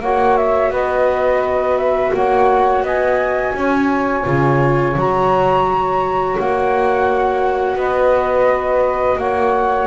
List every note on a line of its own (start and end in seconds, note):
0.00 0.70 A#3
0.00 4.24 F#4
0.00 0.71 C#5
0.00 0.37 F#5
0.37 0.72 E5
0.70 2.12 B3
0.70 2.12 B4
0.70 1.78 D#5
1.78 2.14 E5
2.14 2.83 A#3
2.14 2.84 C#5
2.14 2.86 F#5
2.83 3.54 B3
2.83 3.54 D#5
2.83 4.99 G#5
3.54 4.25 C#4
3.54 7.78 C#5
4.24 4.96 C#3
4.24 4.94 F4
4.96 6.37 F#3
4.96 9.87 F#4
4.96 6.38 A#5
6.38 7.76 A#3
6.38 7.78 F#5
7.76 9.17 B3
7.76 9.19 B4
7.76 9.19 D#5
9.18 9.87 A#3
9.18 9.87 C#5
9.18 9.87 F#5